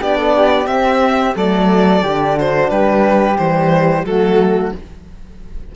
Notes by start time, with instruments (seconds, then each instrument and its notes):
0.00 cello B3, horn D4, flute G4, violin D5
0.17 flute A4
0.35 flute G4
0.65 horn C4, cello C4, violin E5
1.35 cello F#3, horn A3, flute A4, violin D5
2.00 cello D3, horn D4, flute G4
2.36 flute F#4, violin C5
2.69 cello G3, flute G4, violin B4
3.37 cello E3, horn G3, violin C5
4.04 cello F#3, horn A3, flute F#4, violin A4